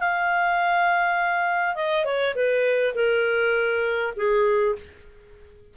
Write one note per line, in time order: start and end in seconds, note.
0.00 1.76 F5
1.76 2.05 D#5
2.05 2.35 C#5
2.36 2.95 B4
2.95 4.14 A#4
4.17 4.76 G#4